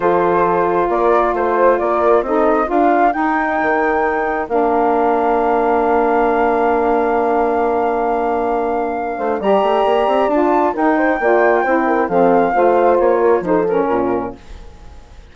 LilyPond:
<<
  \new Staff \with { instrumentName = "flute" } { \time 4/4 \tempo 4 = 134 c''2 d''4 c''4 | d''4 dis''4 f''4 g''4~ | g''2 f''2~ | f''1~ |
f''1~ | f''4 ais''2 a''4 | g''2. f''4~ | f''4 cis''4 c''8 ais'4. | }
  \new Staff \with { instrumentName = "horn" } { \time 4/4 a'2 ais'4 c''4 | ais'4 a'4 ais'2~ | ais'1~ | ais'1~ |
ais'1~ | ais'8 c''8 d''2. | ais'8 c''8 d''4 c''8 ais'8 a'4 | c''4. ais'8 a'4 f'4 | }
  \new Staff \with { instrumentName = "saxophone" } { \time 4/4 f'1~ | f'4 dis'4 f'4 dis'4~ | dis'2 d'2~ | d'1~ |
d'1~ | d'4 g'2 f'4 | dis'4 f'4 e'4 c'4 | f'2 dis'8 cis'4. | }
  \new Staff \with { instrumentName = "bassoon" } { \time 4/4 f2 ais4 a4 | ais4 c'4 d'4 dis'4 | dis2 ais2~ | ais1~ |
ais1~ | ais8 a8 g8 a8 ais8 c'8 d'4 | dis'4 ais4 c'4 f4 | a4 ais4 f4 ais,4 | }
>>